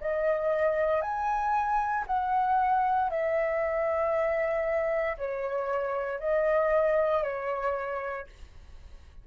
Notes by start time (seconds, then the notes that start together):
0.00 D#5
1.02 G#5
2.06 F#5
3.10 E5
5.17 C#5
6.20 D#5
7.23 C#5